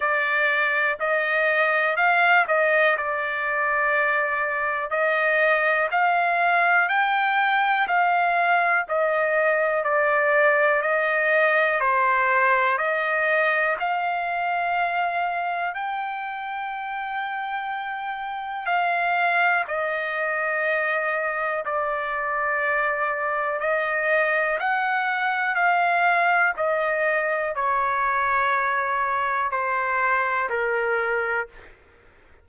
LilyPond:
\new Staff \with { instrumentName = "trumpet" } { \time 4/4 \tempo 4 = 61 d''4 dis''4 f''8 dis''8 d''4~ | d''4 dis''4 f''4 g''4 | f''4 dis''4 d''4 dis''4 | c''4 dis''4 f''2 |
g''2. f''4 | dis''2 d''2 | dis''4 fis''4 f''4 dis''4 | cis''2 c''4 ais'4 | }